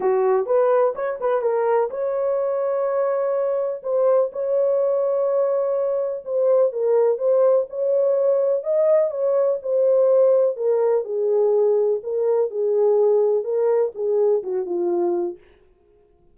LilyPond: \new Staff \with { instrumentName = "horn" } { \time 4/4 \tempo 4 = 125 fis'4 b'4 cis''8 b'8 ais'4 | cis''1 | c''4 cis''2.~ | cis''4 c''4 ais'4 c''4 |
cis''2 dis''4 cis''4 | c''2 ais'4 gis'4~ | gis'4 ais'4 gis'2 | ais'4 gis'4 fis'8 f'4. | }